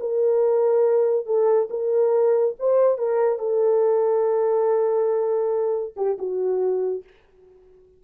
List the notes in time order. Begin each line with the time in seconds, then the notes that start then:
0.00 A#4
1.26 A4
1.70 A#4
2.59 C5
2.98 A#4
3.39 A4
5.96 G4
6.18 F#4